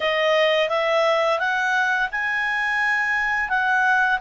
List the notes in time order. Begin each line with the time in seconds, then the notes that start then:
0.00 D#5
0.69 E5
1.39 F#5
2.11 G#5
3.49 F#5